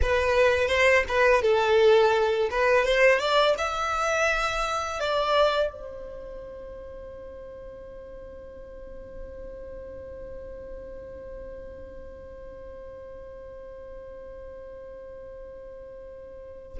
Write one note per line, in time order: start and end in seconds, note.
0.02 0.68 B4
0.68 1.04 C5
1.08 1.42 B4
1.42 2.49 A4
2.50 2.85 B4
2.85 3.19 C5
3.19 3.55 D5
3.58 5.00 E5
5.00 5.71 D5
5.71 16.78 C5